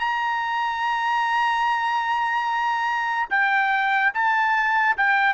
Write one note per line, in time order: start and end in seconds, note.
0.00 3.29 A#5
3.31 4.13 G5
4.14 4.97 A5
4.98 5.34 G5